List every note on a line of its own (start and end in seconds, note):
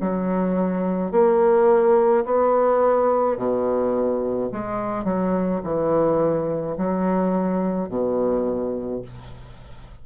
0.00 1.12 F#3
1.12 2.25 A#3
2.25 3.37 B3
3.37 4.50 B2
4.52 5.04 G#3
5.04 5.61 F#3
5.63 6.77 E3
6.78 7.89 F#3
7.89 9.02 B2